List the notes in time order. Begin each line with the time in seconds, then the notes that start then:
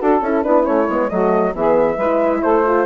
0.00 D4 F#4 A4
0.22 C#4 E4
0.43 B3 D4 E4 B4
0.64 A3 C#4 C#5
0.89 G#3 B3
1.10 F#3 A3 F#4 D#5
1.54 E3 B3 G#4 E5
1.96 G#3 E4 B4
2.42 A3 A4 C5
2.66 F4